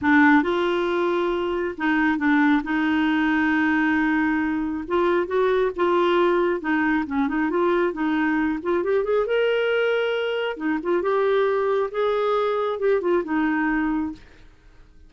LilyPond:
\new Staff \with { instrumentName = "clarinet" } { \time 4/4 \tempo 4 = 136 d'4 f'2. | dis'4 d'4 dis'2~ | dis'2. f'4 | fis'4 f'2 dis'4 |
cis'8 dis'8 f'4 dis'4. f'8 | g'8 gis'8 ais'2. | dis'8 f'8 g'2 gis'4~ | gis'4 g'8 f'8 dis'2 | }